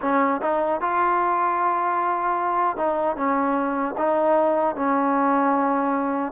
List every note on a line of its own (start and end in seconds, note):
0.01 0.41 C#4
0.41 0.80 D#4
0.80 2.76 F4
2.76 3.16 D#4
3.16 3.95 C#4
3.97 4.75 D#4
4.75 6.32 C#4